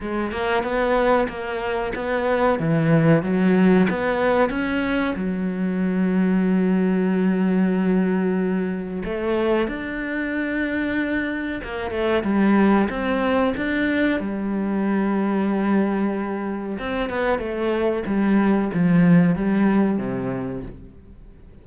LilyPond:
\new Staff \with { instrumentName = "cello" } { \time 4/4 \tempo 4 = 93 gis8 ais8 b4 ais4 b4 | e4 fis4 b4 cis'4 | fis1~ | fis2 a4 d'4~ |
d'2 ais8 a8 g4 | c'4 d'4 g2~ | g2 c'8 b8 a4 | g4 f4 g4 c4 | }